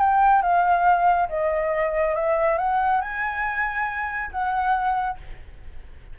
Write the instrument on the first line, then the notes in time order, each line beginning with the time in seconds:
flute
0.00 G5
0.43 F5
1.29 D#5
2.15 E5
2.59 F#5
3.02 G#5
4.32 F#5